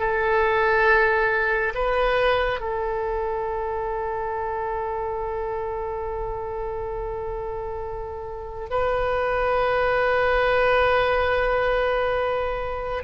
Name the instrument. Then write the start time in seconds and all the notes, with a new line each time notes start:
oboe
0.00 A4
1.75 B4
2.60 A4
8.71 B4